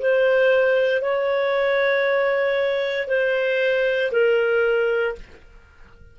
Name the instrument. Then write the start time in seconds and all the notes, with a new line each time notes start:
clarinet
0.00 C5
1.02 C#5
3.08 C5
4.12 A#4